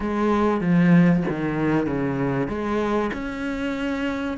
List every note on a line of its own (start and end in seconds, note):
0.00 0.61 G#3
0.61 1.23 F3
1.29 1.86 D#3
1.86 2.48 C#3
2.48 3.10 G#3
3.13 4.37 C#4